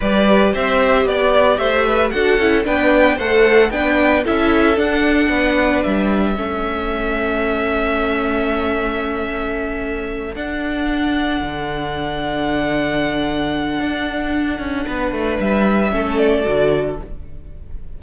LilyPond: <<
  \new Staff \with { instrumentName = "violin" } { \time 4/4 \tempo 4 = 113 d''4 e''4 d''4 e''4 | fis''4 g''4 fis''4 g''4 | e''4 fis''2 e''4~ | e''1~ |
e''2.~ e''8 fis''8~ | fis''1~ | fis''1~ | fis''4 e''4. d''4. | }
  \new Staff \with { instrumentName = "violin" } { \time 4/4 b'4 c''4 d''4 c''8 b'8 | a'4 b'4 c''4 b'4 | a'2 b'2 | a'1~ |
a'1~ | a'1~ | a'1 | b'2 a'2 | }
  \new Staff \with { instrumentName = "viola" } { \time 4/4 g'1 | fis'8 e'8 d'4 a'4 d'4 | e'4 d'2. | cis'1~ |
cis'2.~ cis'8 d'8~ | d'1~ | d'1~ | d'2 cis'4 fis'4 | }
  \new Staff \with { instrumentName = "cello" } { \time 4/4 g4 c'4 b4 a4 | d'8 cis'8 b4 a4 b4 | cis'4 d'4 b4 g4 | a1~ |
a2.~ a8 d'8~ | d'4. d2~ d8~ | d2 d'4. cis'8 | b8 a8 g4 a4 d4 | }
>>